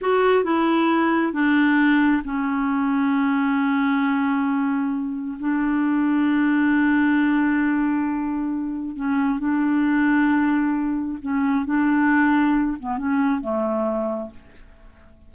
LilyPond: \new Staff \with { instrumentName = "clarinet" } { \time 4/4 \tempo 4 = 134 fis'4 e'2 d'4~ | d'4 cis'2.~ | cis'1 | d'1~ |
d'1 | cis'4 d'2.~ | d'4 cis'4 d'2~ | d'8 b8 cis'4 a2 | }